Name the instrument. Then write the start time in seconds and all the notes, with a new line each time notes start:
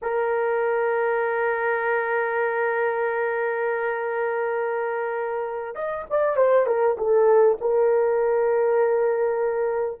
horn
0.02 A#4
5.75 D#5
6.10 D5
6.36 C5
6.66 A#4
6.97 A4
7.61 A#4